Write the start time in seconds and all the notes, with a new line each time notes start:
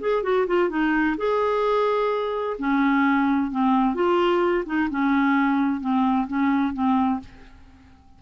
0.00 G#4
0.22 F#4
0.47 F4
0.69 D#4
1.17 G#4
2.58 C#4
3.51 C4
3.94 F4
4.66 D#4
4.90 C#4
5.80 C4
6.27 C#4
6.73 C4